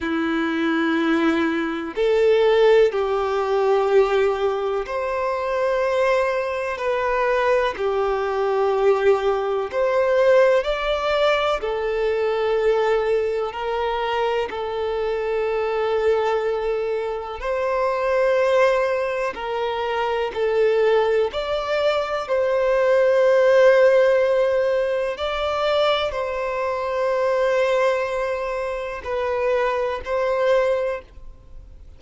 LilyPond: \new Staff \with { instrumentName = "violin" } { \time 4/4 \tempo 4 = 62 e'2 a'4 g'4~ | g'4 c''2 b'4 | g'2 c''4 d''4 | a'2 ais'4 a'4~ |
a'2 c''2 | ais'4 a'4 d''4 c''4~ | c''2 d''4 c''4~ | c''2 b'4 c''4 | }